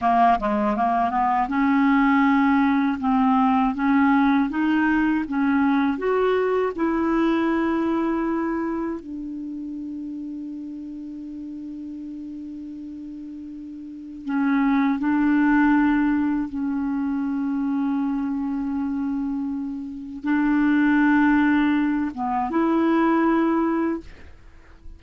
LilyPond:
\new Staff \with { instrumentName = "clarinet" } { \time 4/4 \tempo 4 = 80 ais8 gis8 ais8 b8 cis'2 | c'4 cis'4 dis'4 cis'4 | fis'4 e'2. | d'1~ |
d'2. cis'4 | d'2 cis'2~ | cis'2. d'4~ | d'4. b8 e'2 | }